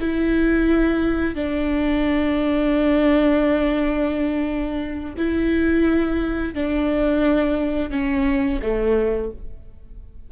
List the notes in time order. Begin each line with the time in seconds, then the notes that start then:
0.00 E4
1.35 D4
5.17 E4
6.54 D4
7.90 C#4
8.62 A3